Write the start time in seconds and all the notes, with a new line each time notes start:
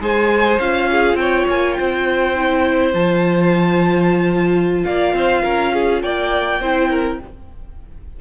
0.00 G#3 G#4 C5 G#5
0.60 C#4 F4 F5
0.91 G#4
1.14 C4 C#5 G5
1.48 A#3 G#5
1.74 C5 G5
1.81 C4
2.36 E4
2.94 F3 F4 A5
4.85 A#3 D5 F5
5.13 C4 C5
5.43 C#4 A#4
5.73 G#4
6.02 A#3 D5 G5
6.60 C4 E4 C5
6.90 A#4